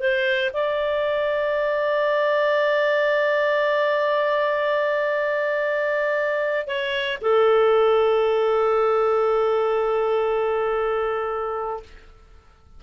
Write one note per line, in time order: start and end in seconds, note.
0.00 0.51 C5
0.54 6.67 D5
6.67 7.18 C#5
7.21 11.83 A4